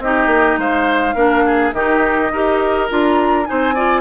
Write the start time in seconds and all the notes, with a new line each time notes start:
0.00 C4 D#4 G4 D#5
0.27 A#3
0.58 G#3 C5 F5
1.15 A#3 D4 A#4
1.46 G#4
1.73 D#3 D#4 G4 D#5
2.32 D#4 G4 A#4
2.90 D4 F4 A#5
3.46 C4 D#4 C5 G#5
3.75 F4 D5